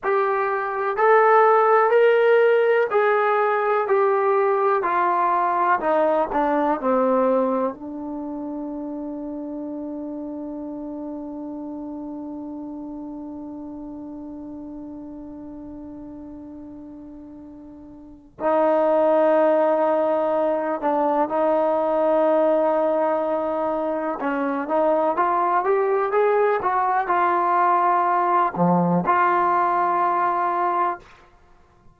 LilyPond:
\new Staff \with { instrumentName = "trombone" } { \time 4/4 \tempo 4 = 62 g'4 a'4 ais'4 gis'4 | g'4 f'4 dis'8 d'8 c'4 | d'1~ | d'1~ |
d'2. dis'4~ | dis'4. d'8 dis'2~ | dis'4 cis'8 dis'8 f'8 g'8 gis'8 fis'8 | f'4. f8 f'2 | }